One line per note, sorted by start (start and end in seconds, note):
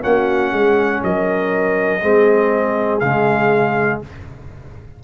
0.00 0.52 A#3
0.00 2.00 C#4
0.00 0.52 F#4
0.00 1.03 F#5
0.52 1.02 G#3
0.52 1.02 G#4
1.03 2.02 F#3
1.03 2.02 A#4
1.03 2.99 D#5
2.00 3.01 G#3
2.00 3.00 C4
2.00 4.02 G#4
2.99 4.01 C#3
2.99 4.03 G#3
2.99 3.99 F5